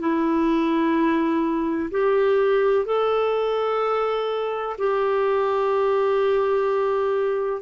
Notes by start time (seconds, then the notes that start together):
0.00 E4
1.91 G4
2.86 A4
4.78 G4